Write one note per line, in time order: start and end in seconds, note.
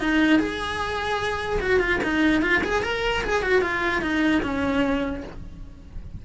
0.00 0.39 D#4
0.39 1.60 G#4
1.61 1.80 F#4
1.80 2.00 F4
2.04 2.42 D#4
2.42 2.62 F4
2.64 2.83 G#4
2.83 3.23 A#4
3.24 3.42 G#4
3.42 3.62 F#4
3.62 4.02 F4
4.02 4.42 D#4
4.42 5.23 C#4